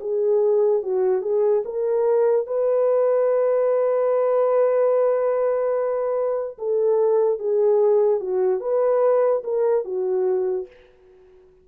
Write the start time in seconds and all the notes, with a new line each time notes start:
0.00 G#4
0.83 F#4
1.22 G#4
1.65 A#4
2.47 B4
6.58 A4
7.39 G#4
8.20 F#4
8.60 B4
9.44 A#4
9.84 F#4